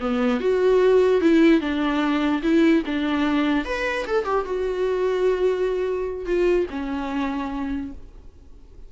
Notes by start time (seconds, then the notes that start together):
0.00 B3
0.40 F#4
1.21 E4
1.61 D4
2.43 E4
2.86 D4
3.65 B4
4.07 A4
4.25 G4
4.45 F#4
6.26 F4
6.70 C#4